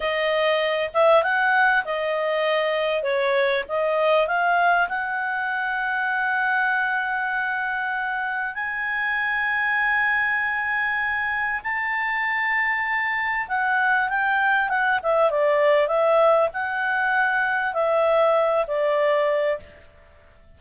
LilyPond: \new Staff \with { instrumentName = "clarinet" } { \time 4/4 \tempo 4 = 98 dis''4. e''8 fis''4 dis''4~ | dis''4 cis''4 dis''4 f''4 | fis''1~ | fis''2 gis''2~ |
gis''2. a''4~ | a''2 fis''4 g''4 | fis''8 e''8 d''4 e''4 fis''4~ | fis''4 e''4. d''4. | }